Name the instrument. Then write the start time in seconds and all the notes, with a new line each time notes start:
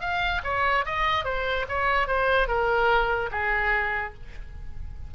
oboe
0.00 F5
0.43 C#5
0.85 D#5
1.24 C5
1.68 C#5
2.07 C5
2.47 A#4
3.31 G#4